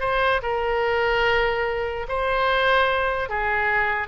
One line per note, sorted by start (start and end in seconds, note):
0.00 0.41 C5
0.42 2.06 A#4
2.08 3.29 C5
3.29 4.07 G#4